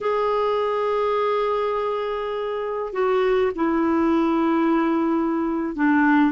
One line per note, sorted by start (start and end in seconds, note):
0.01 2.93 G#4
2.93 3.51 F#4
3.55 5.75 E4
5.75 6.31 D4